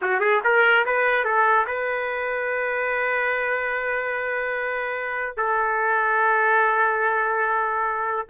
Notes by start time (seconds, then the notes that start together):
0.01 F#4
0.20 G#4
0.43 A#4
0.85 B4
1.24 A4
1.66 B4
5.37 A4